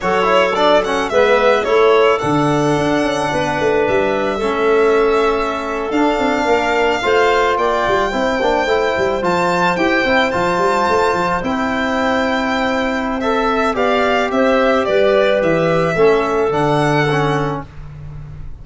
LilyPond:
<<
  \new Staff \with { instrumentName = "violin" } { \time 4/4 \tempo 4 = 109 cis''4 d''8 fis''8 e''4 cis''4 | fis''2. e''4~ | e''2~ e''8. f''4~ f''16~ | f''4.~ f''16 g''2~ g''16~ |
g''8. a''4 g''4 a''4~ a''16~ | a''8. g''2.~ g''16 | e''4 f''4 e''4 d''4 | e''2 fis''2 | }
  \new Staff \with { instrumentName = "clarinet" } { \time 4/4 a'2 b'4 a'4~ | a'2 b'2 | a'2.~ a'8. ais'16~ | ais'8. c''4 d''4 c''4~ c''16~ |
c''1~ | c''1~ | c''4 d''4 c''4 b'4~ | b'4 a'2. | }
  \new Staff \with { instrumentName = "trombone" } { \time 4/4 fis'8 e'8 d'8 cis'8 b4 e'4 | d'1 | cis'2~ cis'8. d'4~ d'16~ | d'8. f'2 e'8 d'8 e'16~ |
e'8. f'4 g'8 e'8 f'4~ f'16~ | f'8. e'2.~ e'16 | a'4 g'2.~ | g'4 cis'4 d'4 cis'4 | }
  \new Staff \with { instrumentName = "tuba" } { \time 4/4 fis2 gis4 a4 | d4 d'8 cis'8 b8 a8 g4 | a2~ a8. d'8 c'8 ais16~ | ais8. a4 ais8 g8 c'8 ais8 a16~ |
a16 g8 f4 e'8 c'8 f8 g8 a16~ | a16 f8 c'2.~ c'16~ | c'4 b4 c'4 g4 | e4 a4 d2 | }
>>